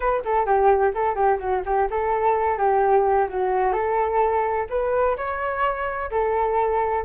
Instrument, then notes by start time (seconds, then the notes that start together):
flute
0.00 B4
0.24 A4
0.46 G4
0.94 A4
1.15 G4
1.38 F#4
1.65 G4
1.90 A4
2.57 G4
3.28 F#4
3.72 A4
4.69 B4
5.16 C#5
6.11 A4